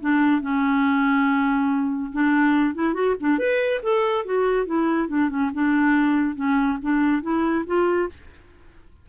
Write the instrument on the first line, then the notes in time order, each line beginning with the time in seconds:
clarinet
0.00 D4
0.41 C#4
2.12 D4
2.75 E4
2.94 F#4
3.20 D4
3.38 B4
3.82 A4
4.25 F#4
4.65 E4
5.08 D4
5.29 C#4
5.54 D4
6.35 C#4
6.82 D4
7.22 E4
7.66 F4